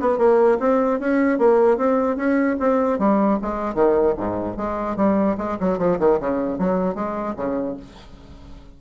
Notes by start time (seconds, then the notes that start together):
0.00 B3
0.18 A#3
0.59 C4
0.99 C#4
1.38 A#3
1.77 C4
2.16 C#4
2.60 C4
2.99 G3
3.42 G#3
3.75 D#3
4.17 G#2
4.57 G#3
4.96 G3
5.38 G#3
5.60 F#3
5.78 F3
5.99 D#3
6.20 C#3
6.58 F#3
6.95 G#3
7.36 C#3